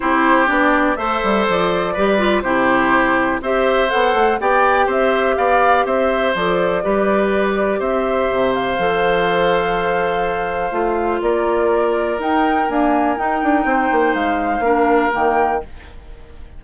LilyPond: <<
  \new Staff \with { instrumentName = "flute" } { \time 4/4 \tempo 4 = 123 c''4 d''4 e''4 d''4~ | d''4 c''2 e''4 | fis''4 g''4 e''4 f''4 | e''4 d''2. |
e''4. f''2~ f''8~ | f''2. d''4~ | d''4 g''4 gis''4 g''4~ | g''4 f''2 g''4 | }
  \new Staff \with { instrumentName = "oboe" } { \time 4/4 g'2 c''2 | b'4 g'2 c''4~ | c''4 d''4 c''4 d''4 | c''2 b'2 |
c''1~ | c''2. ais'4~ | ais'1 | c''2 ais'2 | }
  \new Staff \with { instrumentName = "clarinet" } { \time 4/4 e'4 d'4 a'2 | g'8 f'8 e'2 g'4 | a'4 g'2.~ | g'4 a'4 g'2~ |
g'2 a'2~ | a'2 f'2~ | f'4 dis'4 ais4 dis'4~ | dis'2 d'4 ais4 | }
  \new Staff \with { instrumentName = "bassoon" } { \time 4/4 c'4 b4 a8 g8 f4 | g4 c2 c'4 | b8 a8 b4 c'4 b4 | c'4 f4 g2 |
c'4 c4 f2~ | f2 a4 ais4~ | ais4 dis'4 d'4 dis'8 d'8 | c'8 ais8 gis4 ais4 dis4 | }
>>